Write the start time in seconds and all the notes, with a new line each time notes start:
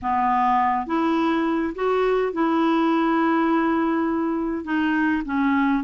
0.02 B3
0.86 E4
1.75 F#4
2.32 E4
4.64 D#4
5.25 C#4